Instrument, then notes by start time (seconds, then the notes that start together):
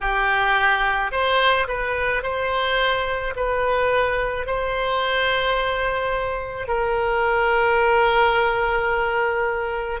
oboe
0.00 G4
1.11 C5
1.67 B4
2.22 C5
3.35 B4
4.46 C5
6.67 A#4